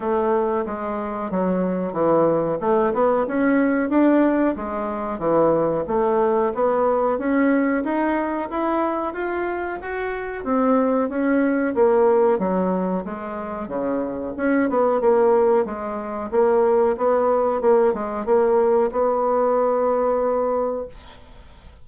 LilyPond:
\new Staff \with { instrumentName = "bassoon" } { \time 4/4 \tempo 4 = 92 a4 gis4 fis4 e4 | a8 b8 cis'4 d'4 gis4 | e4 a4 b4 cis'4 | dis'4 e'4 f'4 fis'4 |
c'4 cis'4 ais4 fis4 | gis4 cis4 cis'8 b8 ais4 | gis4 ais4 b4 ais8 gis8 | ais4 b2. | }